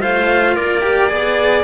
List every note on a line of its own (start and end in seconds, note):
0.00 0.57 A3
0.00 0.81 F4
0.00 0.55 C5
0.00 0.56 F5
0.55 1.11 A#3
0.55 1.10 A#4
0.55 1.64 D5
0.81 1.08 G4
1.08 1.64 B3
1.08 1.63 G#4
1.08 1.64 D5